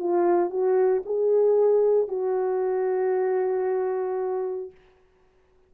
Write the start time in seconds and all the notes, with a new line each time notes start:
0.00 F4
0.50 F#4
1.06 G#4
2.08 F#4